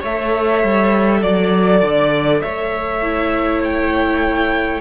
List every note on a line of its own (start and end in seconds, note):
0.00 0.64 A3
0.00 1.20 C#5
0.00 1.23 E5
0.06 3.02 A4
0.64 1.23 G3
1.22 1.82 F#3
1.22 2.42 D5
1.82 2.42 D3
2.42 4.81 A3
2.42 4.81 C#5
2.42 3.62 E5
3.02 4.81 E4
3.64 4.81 G5